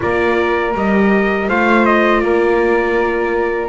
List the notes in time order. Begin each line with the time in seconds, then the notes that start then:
0.00 A#3 F4 A#4 D5
0.74 G3 G4 D#5
1.48 A3 F4 C5 F5
1.85 D#5
2.20 A#3 A#4 D5